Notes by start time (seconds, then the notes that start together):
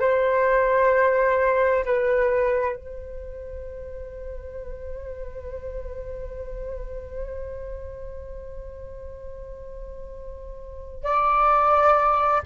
0.00 C5
1.85 B4
2.76 C5
11.03 D5